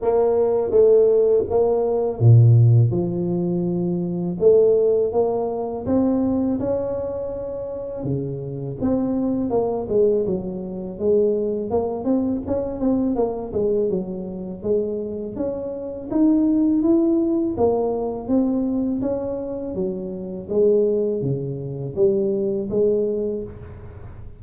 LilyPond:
\new Staff \with { instrumentName = "tuba" } { \time 4/4 \tempo 4 = 82 ais4 a4 ais4 ais,4 | f2 a4 ais4 | c'4 cis'2 cis4 | c'4 ais8 gis8 fis4 gis4 |
ais8 c'8 cis'8 c'8 ais8 gis8 fis4 | gis4 cis'4 dis'4 e'4 | ais4 c'4 cis'4 fis4 | gis4 cis4 g4 gis4 | }